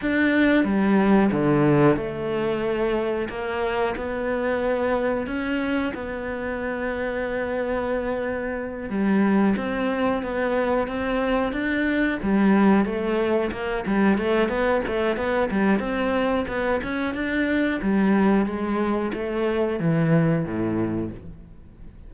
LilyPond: \new Staff \with { instrumentName = "cello" } { \time 4/4 \tempo 4 = 91 d'4 g4 d4 a4~ | a4 ais4 b2 | cis'4 b2.~ | b4. g4 c'4 b8~ |
b8 c'4 d'4 g4 a8~ | a8 ais8 g8 a8 b8 a8 b8 g8 | c'4 b8 cis'8 d'4 g4 | gis4 a4 e4 a,4 | }